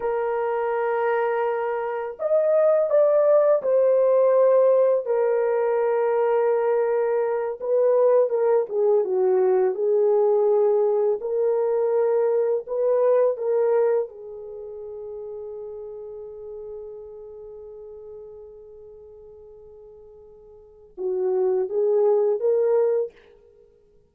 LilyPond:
\new Staff \with { instrumentName = "horn" } { \time 4/4 \tempo 4 = 83 ais'2. dis''4 | d''4 c''2 ais'4~ | ais'2~ ais'8 b'4 ais'8 | gis'8 fis'4 gis'2 ais'8~ |
ais'4. b'4 ais'4 gis'8~ | gis'1~ | gis'1~ | gis'4 fis'4 gis'4 ais'4 | }